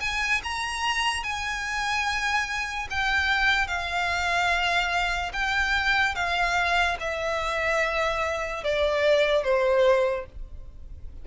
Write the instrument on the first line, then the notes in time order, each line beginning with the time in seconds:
violin
0.00 G#5
0.43 A#5
1.23 G#5
2.90 G5
3.67 F5
5.33 G5
6.15 F5
6.99 E5
8.63 D5
9.44 C5